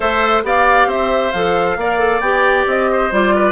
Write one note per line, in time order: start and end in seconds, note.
0.00 0.43 A3
0.00 0.44 A4
0.00 0.42 C5
0.00 0.42 E5
0.43 0.87 B3
0.43 1.33 G4
0.43 0.88 D5
0.43 0.90 F5
0.87 1.31 C4
0.87 1.76 C5
0.87 1.32 E5
1.32 1.76 F3
1.32 1.79 A4
1.32 2.20 F5
1.76 2.20 A#3
1.76 1.98 A#4
1.76 2.91 D5
1.98 2.20 A4
2.20 2.65 B3
2.20 3.11 G4
2.20 2.64 G5
2.66 3.10 C4
2.66 3.12 D#5
2.91 3.34 C5
3.11 3.52 G3
3.11 3.52 F4
3.11 3.52 D5
3.34 3.52 B4